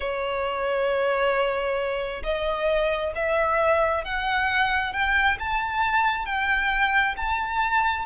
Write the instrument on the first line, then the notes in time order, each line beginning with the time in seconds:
violin
0.00 C#5
2.23 D#5
3.15 E5
4.04 F#5
4.92 G5
5.39 A5
6.25 G5
7.16 A5